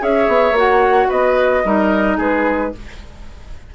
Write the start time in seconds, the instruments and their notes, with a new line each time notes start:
0.00 bassoon C#4, clarinet G#4, oboe C#5, flute E5
0.28 bassoon B3
0.52 bassoon A#3, clarinet F#4
0.59 flute F#5
1.09 bassoon B3, oboe B4, flute D#5
1.64 bassoon G3, clarinet D#4, oboe A#4
2.17 bassoon G#3, oboe G#4, flute B4